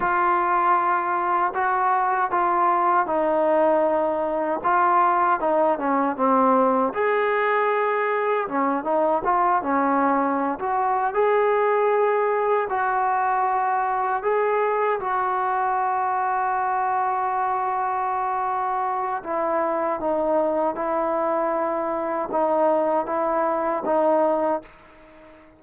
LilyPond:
\new Staff \with { instrumentName = "trombone" } { \time 4/4 \tempo 4 = 78 f'2 fis'4 f'4 | dis'2 f'4 dis'8 cis'8 | c'4 gis'2 cis'8 dis'8 | f'8 cis'4~ cis'16 fis'8. gis'4.~ |
gis'8 fis'2 gis'4 fis'8~ | fis'1~ | fis'4 e'4 dis'4 e'4~ | e'4 dis'4 e'4 dis'4 | }